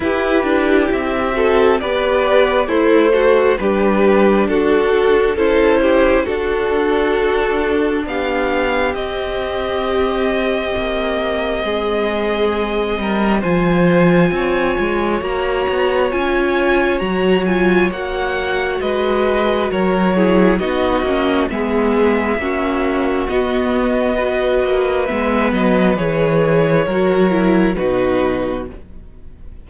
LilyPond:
<<
  \new Staff \with { instrumentName = "violin" } { \time 4/4 \tempo 4 = 67 b'4 e''4 d''4 c''4 | b'4 a'4 c''4 a'4~ | a'4 f''4 dis''2~ | dis''2. gis''4~ |
gis''4 ais''4 gis''4 ais''8 gis''8 | fis''4 dis''4 cis''4 dis''4 | e''2 dis''2 | e''8 dis''8 cis''2 b'4 | }
  \new Staff \with { instrumentName = "violin" } { \time 4/4 g'4. a'8 b'4 e'8 fis'8 | g'4 fis'4 a'8 g'8 fis'4~ | fis'4 g'2.~ | g'4 gis'4. ais'8 c''4 |
cis''1~ | cis''4 b'4 ais'8 gis'8 fis'4 | gis'4 fis'2 b'4~ | b'2 ais'4 fis'4 | }
  \new Staff \with { instrumentName = "viola" } { \time 4/4 e'4. fis'8 g'4 a'4 | d'2 e'4 d'4~ | d'2 c'2~ | c'2. f'4~ |
f'4 fis'4 f'4 fis'8 f'8 | fis'2~ fis'8 e'8 dis'8 cis'8 | b4 cis'4 b4 fis'4 | b4 gis'4 fis'8 e'8 dis'4 | }
  \new Staff \with { instrumentName = "cello" } { \time 4/4 e'8 d'8 c'4 b4 a4 | g4 d'4 cis'4 d'4~ | d'4 b4 c'2 | ais4 gis4. g8 f4 |
c'8 gis8 ais8 b8 cis'4 fis4 | ais4 gis4 fis4 b8 ais8 | gis4 ais4 b4. ais8 | gis8 fis8 e4 fis4 b,4 | }
>>